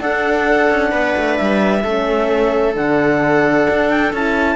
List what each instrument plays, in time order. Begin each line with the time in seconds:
0.00 cello D4, horn D4, viola A4, clarinet F#5
0.70 cello C#4
0.92 cello B3, viola B4
1.17 cello A3
1.37 cello G3, clarinet E5
1.84 cello A3, horn C#4, viola A4
2.74 cello D3, horn D4, clarinet F#5
3.70 cello D4
3.90 clarinet G5
4.13 cello C#4, horn E4, clarinet A5